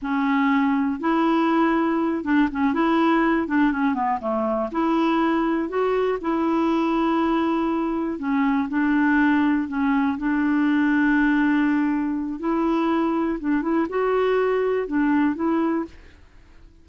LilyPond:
\new Staff \with { instrumentName = "clarinet" } { \time 4/4 \tempo 4 = 121 cis'2 e'2~ | e'8 d'8 cis'8 e'4. d'8 cis'8 | b8 a4 e'2 fis'8~ | fis'8 e'2.~ e'8~ |
e'8 cis'4 d'2 cis'8~ | cis'8 d'2.~ d'8~ | d'4 e'2 d'8 e'8 | fis'2 d'4 e'4 | }